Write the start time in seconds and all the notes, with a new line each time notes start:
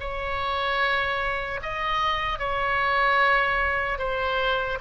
0.00 C#5
1.63 D#5
2.39 C#5
3.98 C5